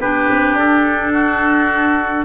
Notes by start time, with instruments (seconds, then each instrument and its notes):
0.00 tuba B3, clarinet D4, oboe G4, trumpet B4
0.30 tuba C4
0.54 tuba D4, trumpet A4
1.13 oboe F#4